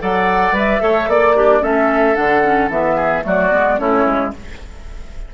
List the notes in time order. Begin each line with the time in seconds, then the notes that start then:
0.00 F#3 A4 D5 F#5
0.52 G3 B4 E5
0.80 A3 A4 C#5
1.07 A#3 D5
1.35 D4 G4
1.61 A3 C#4 A4 E5
2.15 D3 D4 F#5
2.43 C#4
2.69 E3 B3 E5
2.96 G#4
3.22 F#3 A3 F#4 D5
3.51 G#3 B3
3.78 A3 C#4 E4 C#5
4.06 G#3